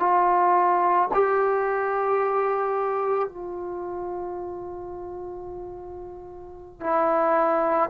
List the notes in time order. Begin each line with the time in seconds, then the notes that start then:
0.00 F4
1.14 G4
3.29 F4
6.81 E4